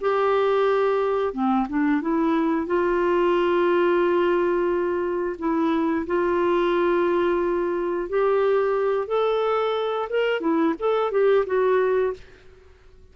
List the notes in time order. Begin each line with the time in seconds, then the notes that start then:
0.00 G4
1.33 C4
1.69 D4
2.01 E4
2.66 F4
5.38 E4
6.06 F4
8.09 G4
9.07 A4
10.09 A#4
10.40 E4
10.79 A4
11.11 G4
11.46 F#4